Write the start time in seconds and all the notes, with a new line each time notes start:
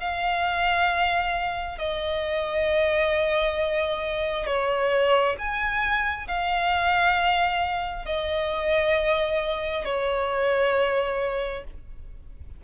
0.00 F5
1.79 D#5
4.47 C#5
5.39 G#5
6.28 F5
8.06 D#5
9.85 C#5